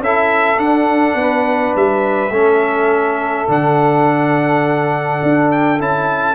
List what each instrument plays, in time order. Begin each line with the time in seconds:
0.00 tuba C#4, trombone E4, saxophone A4, trumpet E5
0.57 trombone D4, tuba D4, trumpet F#5
1.15 tuba B3, saxophone B4
1.76 tuba G3, trumpet E5
2.30 tuba A3, trombone C#4, saxophone A4
3.48 tuba D3, trombone D4, trumpet F#5
5.23 tuba D4
5.51 trumpet G5
5.80 tuba C#4, trombone E4, trumpet A5